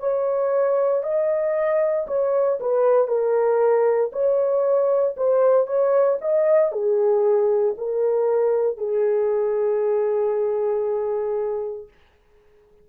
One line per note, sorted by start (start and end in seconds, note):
0.00 1.03 C#5
1.03 2.07 D#5
2.07 2.59 C#5
2.61 3.08 B4
3.08 4.11 A#4
4.13 5.16 C#5
5.17 5.67 C5
5.67 6.19 C#5
6.22 6.72 D#5
6.72 7.76 G#4
7.78 8.78 A#4
8.78 11.89 G#4